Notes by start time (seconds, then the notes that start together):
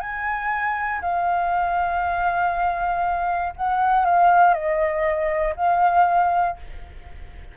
0.00 G#5
1.01 F5
3.56 F#5
4.05 F5
4.54 D#5
5.56 F5